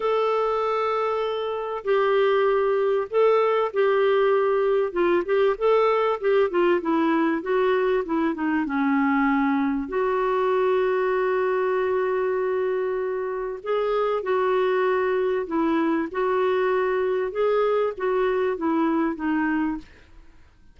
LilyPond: \new Staff \with { instrumentName = "clarinet" } { \time 4/4 \tempo 4 = 97 a'2. g'4~ | g'4 a'4 g'2 | f'8 g'8 a'4 g'8 f'8 e'4 | fis'4 e'8 dis'8 cis'2 |
fis'1~ | fis'2 gis'4 fis'4~ | fis'4 e'4 fis'2 | gis'4 fis'4 e'4 dis'4 | }